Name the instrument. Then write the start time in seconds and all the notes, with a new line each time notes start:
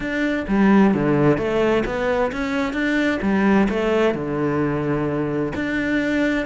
cello
0.00 D4
0.47 G3
0.93 D3
1.37 A3
1.85 B3
2.32 C#4
2.73 D4
3.22 G3
3.69 A3
4.14 D3
5.55 D4